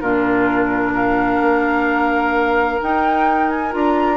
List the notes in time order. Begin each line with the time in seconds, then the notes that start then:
0.00 A#2 D4 F4 A#4
0.92 A#4 F5
1.40 A#3
2.81 D#4 G5
3.49 G#5
3.70 D4 F4 A#5